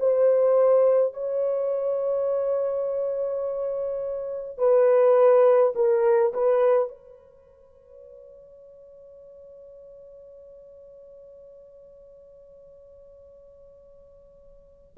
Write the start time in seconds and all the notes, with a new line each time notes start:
0.00 C5
1.14 C#5
4.58 B4
5.75 A#4
6.34 B4
6.89 C#5